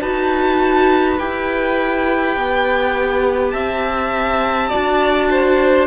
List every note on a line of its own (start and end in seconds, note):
0.00 1.18 D#4
0.00 1.18 F#4
0.00 3.53 B4
0.00 1.18 A5
1.18 2.36 E4
1.18 4.70 G4
1.18 3.50 G5
2.36 3.53 B3
3.50 4.71 C4
3.50 4.69 E5
3.50 5.85 A5
4.69 5.87 F#4
4.69 5.28 D5
4.75 5.87 D4
5.30 5.87 C5